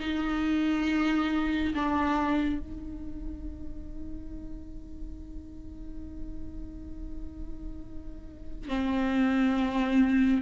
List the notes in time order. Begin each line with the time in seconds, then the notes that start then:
0.00 D#4
1.75 D4
2.60 D#4
8.69 C4